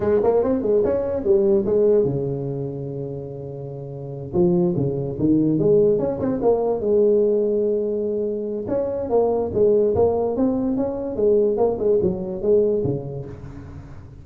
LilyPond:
\new Staff \with { instrumentName = "tuba" } { \time 4/4 \tempo 4 = 145 gis8 ais8 c'8 gis8 cis'4 g4 | gis4 cis2.~ | cis2~ cis8 f4 cis8~ | cis8 dis4 gis4 cis'8 c'8 ais8~ |
ais8 gis2.~ gis8~ | gis4 cis'4 ais4 gis4 | ais4 c'4 cis'4 gis4 | ais8 gis8 fis4 gis4 cis4 | }